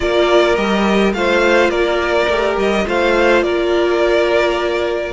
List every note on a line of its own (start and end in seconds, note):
0.00 0.57 A#3
0.00 0.56 F4
0.00 1.15 A#4
0.00 0.55 D5
0.55 1.13 G3
0.55 1.13 G4
0.55 1.12 D#5
1.13 1.69 A3
1.13 2.29 F4
1.13 1.70 C5
1.13 1.69 F5
1.69 2.26 A#3
1.69 2.85 A#4
1.69 2.55 D5
2.28 2.56 A3
2.28 2.85 G4
2.56 2.85 G3
2.56 2.87 D#5
2.85 3.42 A3
2.85 5.13 F4
2.85 3.43 C5
2.85 3.42 F5
3.42 5.13 A#3
3.42 5.13 A#4
3.42 5.13 D5